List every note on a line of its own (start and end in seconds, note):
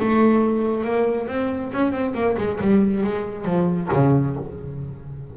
0.00 0.84 A3
0.84 1.28 A#3
1.28 1.72 C4
1.73 1.92 C#4
1.92 2.14 C4
2.15 2.36 A#3
2.38 2.60 G#3
2.61 3.04 G3
3.04 3.45 G#3
3.45 3.89 F3
3.93 4.37 C#3